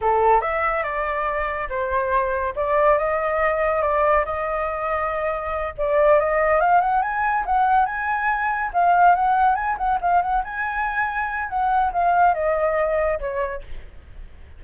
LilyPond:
\new Staff \with { instrumentName = "flute" } { \time 4/4 \tempo 4 = 141 a'4 e''4 d''2 | c''2 d''4 dis''4~ | dis''4 d''4 dis''2~ | dis''4. d''4 dis''4 f''8 |
fis''8 gis''4 fis''4 gis''4.~ | gis''8 f''4 fis''4 gis''8 fis''8 f''8 | fis''8 gis''2~ gis''8 fis''4 | f''4 dis''2 cis''4 | }